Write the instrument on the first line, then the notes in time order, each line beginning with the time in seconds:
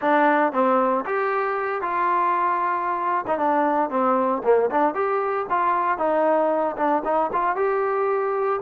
trombone
0.01 D4
0.52 C4
1.05 G4
1.81 F4
3.27 D#4
3.38 D4
3.90 C4
4.44 A#3
4.70 D4
4.94 G4
5.49 F4
5.97 D#4
6.76 D4
7.04 D#4
7.33 F4
7.56 G4